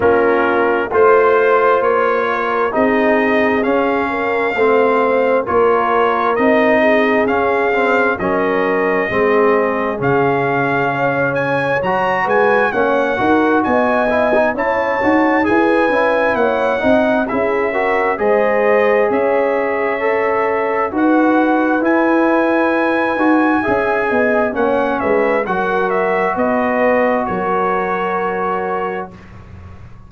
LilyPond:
<<
  \new Staff \with { instrumentName = "trumpet" } { \time 4/4 \tempo 4 = 66 ais'4 c''4 cis''4 dis''4 | f''2 cis''4 dis''4 | f''4 dis''2 f''4~ | f''8 gis''8 ais''8 gis''8 fis''4 gis''4 |
a''4 gis''4 fis''4 e''4 | dis''4 e''2 fis''4 | gis''2. fis''8 e''8 | fis''8 e''8 dis''4 cis''2 | }
  \new Staff \with { instrumentName = "horn" } { \time 4/4 f'4 c''4. ais'8 gis'4~ | gis'8 ais'8 c''4 ais'4. gis'8~ | gis'4 ais'4 gis'2 | cis''4. b'8 cis''8 ais'8 dis''4 |
cis''4 b'4 cis''8 dis''8 gis'8 ais'8 | c''4 cis''2 b'4~ | b'2 e''8 dis''8 cis''8 b'8 | ais'4 b'4 ais'2 | }
  \new Staff \with { instrumentName = "trombone" } { \time 4/4 cis'4 f'2 dis'4 | cis'4 c'4 f'4 dis'4 | cis'8 c'8 cis'4 c'4 cis'4~ | cis'4 fis'4 cis'8 fis'4 e'16 dis'16 |
e'8 fis'8 gis'8 e'4 dis'8 e'8 fis'8 | gis'2 a'4 fis'4 | e'4. fis'8 gis'4 cis'4 | fis'1 | }
  \new Staff \with { instrumentName = "tuba" } { \time 4/4 ais4 a4 ais4 c'4 | cis'4 a4 ais4 c'4 | cis'4 fis4 gis4 cis4~ | cis4 fis8 gis8 ais8 dis'8 b4 |
cis'8 dis'8 e'8 cis'8 ais8 c'8 cis'4 | gis4 cis'2 dis'4 | e'4. dis'8 cis'8 b8 ais8 gis8 | fis4 b4 fis2 | }
>>